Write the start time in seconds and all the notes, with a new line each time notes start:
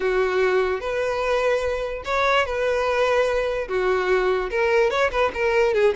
0.00 F#4
0.80 B4
2.04 C#5
2.45 B4
3.68 F#4
4.50 A#4
4.90 C#5
5.11 B4
5.34 A#4
5.73 G#4